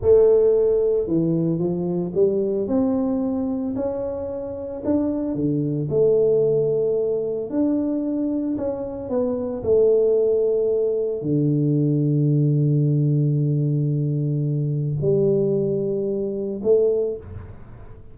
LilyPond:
\new Staff \with { instrumentName = "tuba" } { \time 4/4 \tempo 4 = 112 a2 e4 f4 | g4 c'2 cis'4~ | cis'4 d'4 d4 a4~ | a2 d'2 |
cis'4 b4 a2~ | a4 d2.~ | d1 | g2. a4 | }